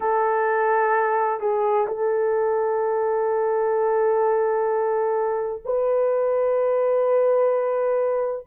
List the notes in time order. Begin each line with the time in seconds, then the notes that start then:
0.00 A4
1.39 G#4
1.87 A4
5.65 B4